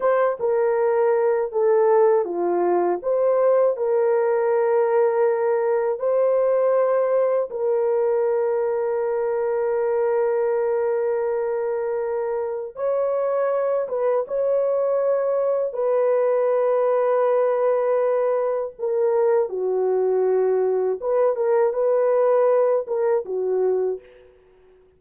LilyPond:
\new Staff \with { instrumentName = "horn" } { \time 4/4 \tempo 4 = 80 c''8 ais'4. a'4 f'4 | c''4 ais'2. | c''2 ais'2~ | ais'1~ |
ais'4 cis''4. b'8 cis''4~ | cis''4 b'2.~ | b'4 ais'4 fis'2 | b'8 ais'8 b'4. ais'8 fis'4 | }